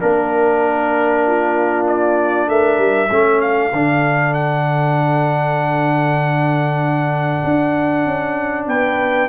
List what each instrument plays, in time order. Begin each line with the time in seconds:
0.00 tuba A#3, trombone D4, horn A#4, trumpet A#4
1.27 horn F4
1.87 trumpet D5
2.48 tuba A3, horn A#4, trumpet E5
2.78 tuba G3
3.11 tuba A3, trombone C#4, horn A4
3.41 trumpet F5
3.72 tuba D3, trombone D4
4.34 trumpet F#5
7.45 tuba D4
8.06 tuba C#4
8.67 tuba B3, horn B4, trumpet G5